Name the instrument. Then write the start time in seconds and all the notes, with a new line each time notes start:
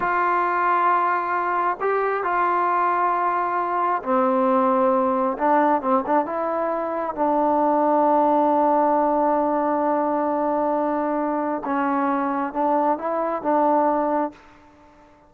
trombone
0.00 F4
1.80 G4
2.23 F4
4.02 C4
5.37 D4
5.81 C4
6.06 D4
6.25 E4
7.15 D4
11.64 C#4
12.53 D4
12.97 E4
13.42 D4